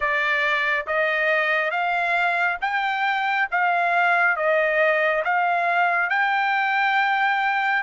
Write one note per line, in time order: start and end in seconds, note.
0.00 0.85 D5
0.86 1.70 D#5
1.70 2.57 F5
2.61 3.48 G5
3.51 4.36 F5
4.36 5.23 D#5
5.24 6.09 F5
6.09 7.82 G5